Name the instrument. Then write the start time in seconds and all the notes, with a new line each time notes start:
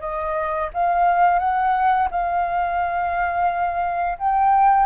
flute
0.00 D#5
0.73 F5
1.39 F#5
2.11 F5
4.18 G5